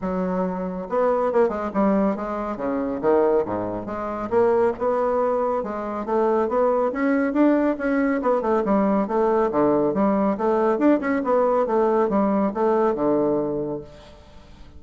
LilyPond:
\new Staff \with { instrumentName = "bassoon" } { \time 4/4 \tempo 4 = 139 fis2 b4 ais8 gis8 | g4 gis4 cis4 dis4 | gis,4 gis4 ais4 b4~ | b4 gis4 a4 b4 |
cis'4 d'4 cis'4 b8 a8 | g4 a4 d4 g4 | a4 d'8 cis'8 b4 a4 | g4 a4 d2 | }